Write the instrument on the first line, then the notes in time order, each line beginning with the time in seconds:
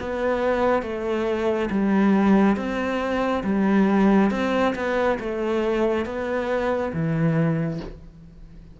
cello
0.00 B3
0.82 A3
1.70 G3
2.57 C4
3.44 G3
4.31 C4
4.75 B3
5.19 A3
6.06 B3
6.93 E3